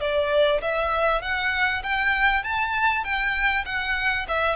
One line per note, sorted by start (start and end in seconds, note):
0.00 0.61 D5
0.61 1.21 E5
1.22 1.82 F#5
1.83 2.43 G5
2.43 3.04 A5
3.04 3.64 G5
3.65 4.26 F#5
4.28 4.56 E5